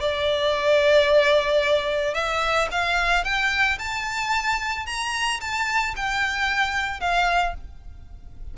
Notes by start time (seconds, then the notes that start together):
0.00 D5
2.14 E5
2.71 F5
3.24 G5
3.78 A5
4.86 A#5
5.40 A5
5.96 G5
7.00 F5